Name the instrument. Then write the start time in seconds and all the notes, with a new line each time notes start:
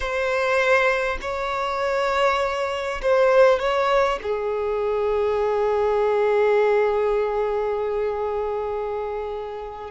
violin
0.00 C5
1.21 C#5
3.02 C5
3.59 C#5
4.22 G#4